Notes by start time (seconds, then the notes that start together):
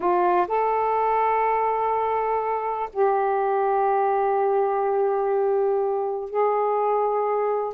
0.00 F4
0.47 A4
2.92 G4
6.30 G#4